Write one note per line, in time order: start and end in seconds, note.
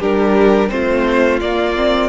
0.00 0.71 G3
0.00 0.70 D4
0.00 0.71 G4
0.00 0.70 A#4
0.70 1.41 A3
0.70 1.41 C4
0.70 2.09 F4
0.70 1.40 C5
1.41 2.09 A#3
1.41 1.76 A#3
1.41 2.09 D5
1.76 2.09 C4